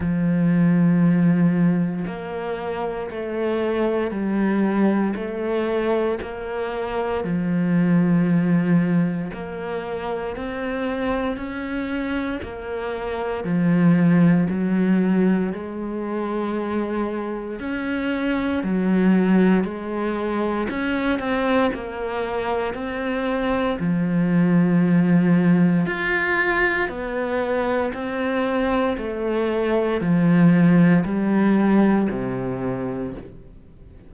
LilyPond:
\new Staff \with { instrumentName = "cello" } { \time 4/4 \tempo 4 = 58 f2 ais4 a4 | g4 a4 ais4 f4~ | f4 ais4 c'4 cis'4 | ais4 f4 fis4 gis4~ |
gis4 cis'4 fis4 gis4 | cis'8 c'8 ais4 c'4 f4~ | f4 f'4 b4 c'4 | a4 f4 g4 c4 | }